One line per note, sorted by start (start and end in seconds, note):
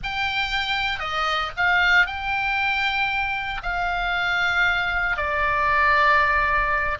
0.03 0.99 G5
0.99 1.51 D#5
1.56 2.06 F5
2.06 3.61 G5
3.63 5.17 F5
5.17 6.98 D5